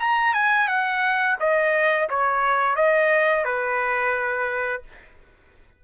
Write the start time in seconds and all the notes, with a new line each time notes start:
0.00 A#5
0.34 G#5
0.68 F#5
1.40 D#5
2.10 C#5
2.76 D#5
3.45 B4